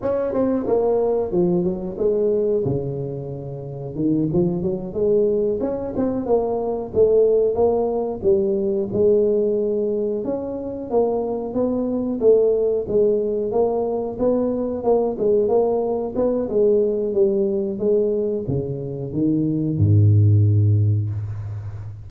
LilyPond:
\new Staff \with { instrumentName = "tuba" } { \time 4/4 \tempo 4 = 91 cis'8 c'8 ais4 f8 fis8 gis4 | cis2 dis8 f8 fis8 gis8~ | gis8 cis'8 c'8 ais4 a4 ais8~ | ais8 g4 gis2 cis'8~ |
cis'8 ais4 b4 a4 gis8~ | gis8 ais4 b4 ais8 gis8 ais8~ | ais8 b8 gis4 g4 gis4 | cis4 dis4 gis,2 | }